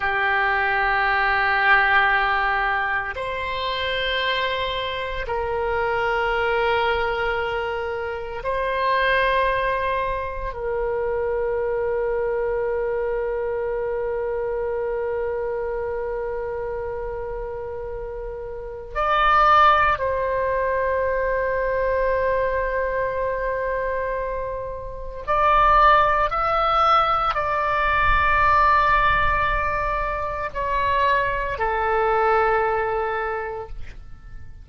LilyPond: \new Staff \with { instrumentName = "oboe" } { \time 4/4 \tempo 4 = 57 g'2. c''4~ | c''4 ais'2. | c''2 ais'2~ | ais'1~ |
ais'2 d''4 c''4~ | c''1 | d''4 e''4 d''2~ | d''4 cis''4 a'2 | }